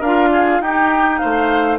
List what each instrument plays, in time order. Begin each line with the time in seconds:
0.00 bassoon D4, clarinet F4, oboe A#4, flute F5
0.32 oboe G#4
0.60 bassoon D#4, clarinet D#4, oboe G4, flute G5
1.18 bassoon A3, oboe C5, flute F5